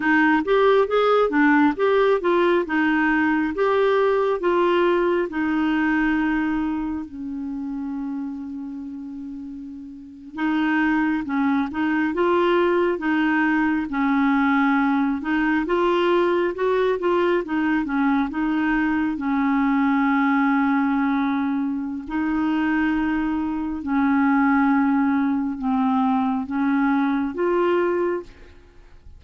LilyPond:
\new Staff \with { instrumentName = "clarinet" } { \time 4/4 \tempo 4 = 68 dis'8 g'8 gis'8 d'8 g'8 f'8 dis'4 | g'4 f'4 dis'2 | cis'2.~ cis'8. dis'16~ | dis'8. cis'8 dis'8 f'4 dis'4 cis'16~ |
cis'4~ cis'16 dis'8 f'4 fis'8 f'8 dis'16~ | dis'16 cis'8 dis'4 cis'2~ cis'16~ | cis'4 dis'2 cis'4~ | cis'4 c'4 cis'4 f'4 | }